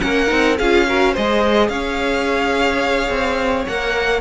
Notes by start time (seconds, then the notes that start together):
0.00 A#3 C#4 A#4 F#5
0.28 C4 D#4
0.58 C#4 F4 G#4 F5
0.88 F#4 A#4
1.13 G#3 G#4 C5 D#5
1.69 C#4 C#5 F5
3.09 C4
3.68 A#3 A#4 F#5